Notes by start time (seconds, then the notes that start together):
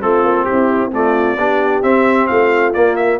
0.00 A3 C4 F4 A4
0.23 A#3
0.44 E4 G4
0.51 C4
0.92 A3 F4 D5
1.37 B3 D4 G4
1.82 C4 E5
2.26 A3 F4 F5
2.73 A#3 D5
2.96 E5